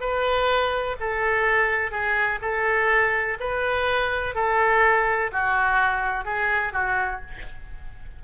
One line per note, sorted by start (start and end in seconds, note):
0.00 0.96 B4
0.99 1.90 A4
1.90 2.38 G#4
2.41 3.37 A4
3.40 4.34 B4
4.34 5.30 A4
5.32 6.24 F#4
6.24 6.72 G#4
6.72 7.20 F#4